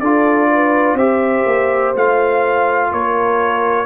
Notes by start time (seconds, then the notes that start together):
0.00 D4 F4 A4 D5
0.50 B4
0.94 C4 G4 C5 E5
1.46 A#3
1.95 A3 F4 F5
2.91 A#3 A#4 C#5